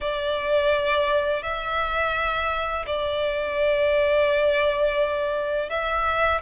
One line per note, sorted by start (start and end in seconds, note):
0.01 1.43 D5
1.43 2.85 E5
2.86 5.69 D5
5.69 6.41 E5